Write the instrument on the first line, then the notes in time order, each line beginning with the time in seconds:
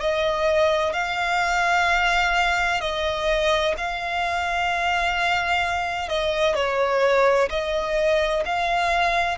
violin
0.00 D#5
0.93 F5
2.81 D#5
3.77 F5
6.09 D#5
6.55 C#5
7.50 D#5
8.45 F5